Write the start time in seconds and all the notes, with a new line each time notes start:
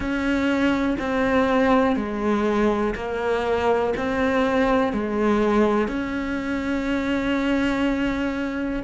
0.00 C#4
0.98 C4
1.95 G#3
2.95 A#3
3.97 C4
4.92 G#3
5.87 C#4